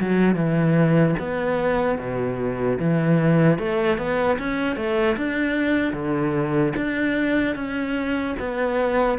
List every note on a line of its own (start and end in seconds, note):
0.00 0.35 F#3
0.35 1.15 E3
1.19 1.98 B3
1.98 2.78 B2
2.79 3.59 E3
3.59 3.97 A3
3.97 4.37 B3
4.39 4.76 C#4
4.76 5.16 A3
5.17 5.93 D4
5.93 6.73 D3
6.76 7.55 D4
7.55 8.35 C#4
8.39 9.18 B3